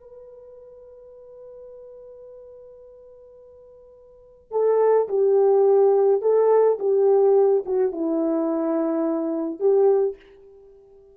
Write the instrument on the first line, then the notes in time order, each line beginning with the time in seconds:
horn
0.00 B4
4.51 A4
5.08 G4
6.21 A4
6.79 G4
7.65 F#4
7.92 E4
9.59 G4